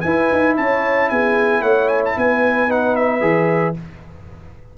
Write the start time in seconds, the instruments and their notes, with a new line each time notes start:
0.00 tuba E4, trombone E4, horn B4, trumpet G#5
0.31 tuba D#4
0.57 tuba C#4, horn C#5, trumpet A5
1.09 tuba B3, horn G#4, trumpet G#5
1.61 tuba A3, horn C#5, trumpet F#5
1.88 trumpet G#5
2.05 trumpet A5
2.16 tuba B3, horn B4, trumpet G#5
2.68 trombone D#4, trumpet F#5
2.95 trumpet E5
3.20 tuba E3, trombone G#4